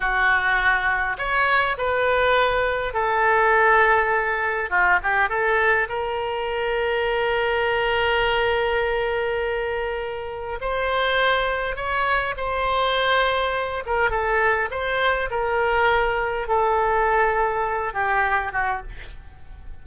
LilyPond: \new Staff \with { instrumentName = "oboe" } { \time 4/4 \tempo 4 = 102 fis'2 cis''4 b'4~ | b'4 a'2. | f'8 g'8 a'4 ais'2~ | ais'1~ |
ais'2 c''2 | cis''4 c''2~ c''8 ais'8 | a'4 c''4 ais'2 | a'2~ a'8 g'4 fis'8 | }